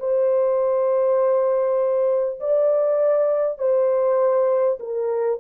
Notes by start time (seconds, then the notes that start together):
0.00 C5
2.41 D5
3.59 C5
4.80 A#4